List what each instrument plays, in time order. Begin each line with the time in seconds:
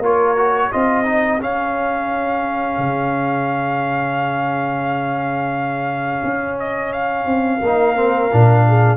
0.00 tuba A#3, trombone F4, horn A#4, trumpet C#5
0.37 trombone F#4
0.72 tuba C4, trombone F4, horn G#4, trumpet D#5
1.05 trombone D#4
1.41 trombone C#4, tuba C#4, trumpet F5
2.78 tuba C#3
6.24 tuba C#4
6.60 trumpet D#5
6.93 trumpet F5
7.26 tuba C4
7.62 tuba A#3, trombone D#4, horn A#4
7.96 trombone C4
8.33 tuba A#2, trombone D4
8.68 horn G#4